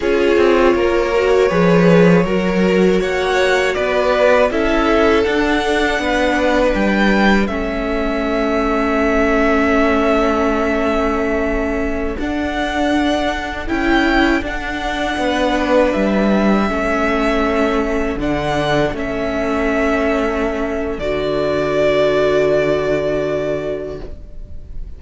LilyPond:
<<
  \new Staff \with { instrumentName = "violin" } { \time 4/4 \tempo 4 = 80 cis''1 | fis''4 d''4 e''4 fis''4~ | fis''4 g''4 e''2~ | e''1~ |
e''16 fis''2 g''4 fis''8.~ | fis''4~ fis''16 e''2~ e''8.~ | e''16 fis''4 e''2~ e''8. | d''1 | }
  \new Staff \with { instrumentName = "violin" } { \time 4/4 gis'4 ais'4 b'4 ais'4 | cis''4 b'4 a'2 | b'2 a'2~ | a'1~ |
a'1~ | a'16 b'2 a'4.~ a'16~ | a'1~ | a'1 | }
  \new Staff \with { instrumentName = "viola" } { \time 4/4 f'4. fis'8 gis'4 fis'4~ | fis'2 e'4 d'4~ | d'2 cis'2~ | cis'1~ |
cis'16 d'2 e'4 d'8.~ | d'2~ d'16 cis'4.~ cis'16~ | cis'16 d'4 cis'2~ cis'8. | fis'1 | }
  \new Staff \with { instrumentName = "cello" } { \time 4/4 cis'8 c'8 ais4 f4 fis4 | ais4 b4 cis'4 d'4 | b4 g4 a2~ | a1~ |
a16 d'2 cis'4 d'8.~ | d'16 b4 g4 a4.~ a16~ | a16 d4 a2~ a8. | d1 | }
>>